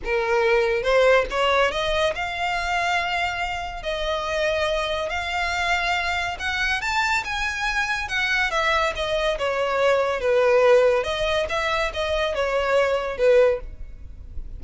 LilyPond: \new Staff \with { instrumentName = "violin" } { \time 4/4 \tempo 4 = 141 ais'2 c''4 cis''4 | dis''4 f''2.~ | f''4 dis''2. | f''2. fis''4 |
a''4 gis''2 fis''4 | e''4 dis''4 cis''2 | b'2 dis''4 e''4 | dis''4 cis''2 b'4 | }